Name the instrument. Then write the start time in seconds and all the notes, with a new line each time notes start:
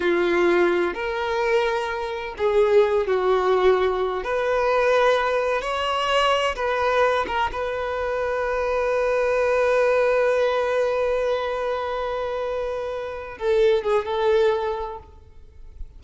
violin
0.00 F4
0.94 A#4
2.37 G#4
3.06 F#4
4.23 B4
5.61 C#5
6.55 B4
7.27 A#4
7.51 B4
13.38 A4
13.83 G#4
14.05 A4